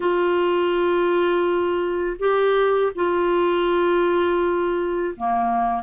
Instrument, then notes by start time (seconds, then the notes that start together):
clarinet
0.00 F4
2.19 G4
2.95 F4
5.16 A#3